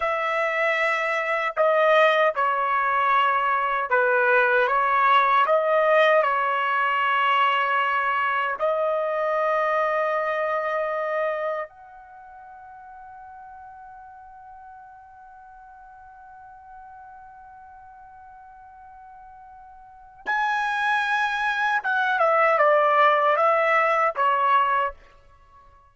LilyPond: \new Staff \with { instrumentName = "trumpet" } { \time 4/4 \tempo 4 = 77 e''2 dis''4 cis''4~ | cis''4 b'4 cis''4 dis''4 | cis''2. dis''4~ | dis''2. fis''4~ |
fis''1~ | fis''1~ | fis''2 gis''2 | fis''8 e''8 d''4 e''4 cis''4 | }